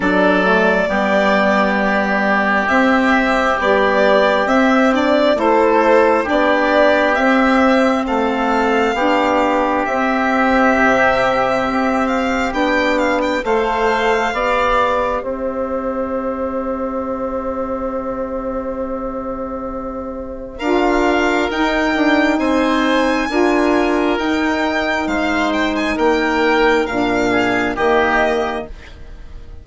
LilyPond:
<<
  \new Staff \with { instrumentName = "violin" } { \time 4/4 \tempo 4 = 67 d''2. e''4 | d''4 e''8 d''8 c''4 d''4 | e''4 f''2 e''4~ | e''4. f''8 g''8 f''16 g''16 f''4~ |
f''4 e''2.~ | e''2. f''4 | g''4 gis''2 g''4 | f''8 g''16 gis''16 g''4 f''4 dis''4 | }
  \new Staff \with { instrumentName = "oboe" } { \time 4/4 a'4 g'2.~ | g'2 a'4 g'4~ | g'4 a'4 g'2~ | g'2. c''4 |
d''4 c''2.~ | c''2. ais'4~ | ais'4 c''4 ais'2 | c''4 ais'4. gis'8 g'4 | }
  \new Staff \with { instrumentName = "saxophone" } { \time 4/4 d'8 a8 b2 c'4 | g4 c'8 d'8 e'4 d'4 | c'2 d'4 c'4~ | c'2 d'4 a'4 |
g'1~ | g'2. f'4 | dis'2 f'4 dis'4~ | dis'2 d'4 ais4 | }
  \new Staff \with { instrumentName = "bassoon" } { \time 4/4 fis4 g2 c'4 | b4 c'4 a4 b4 | c'4 a4 b4 c'4 | c4 c'4 b4 a4 |
b4 c'2.~ | c'2. d'4 | dis'8 d'8 c'4 d'4 dis'4 | gis4 ais4 ais,4 dis4 | }
>>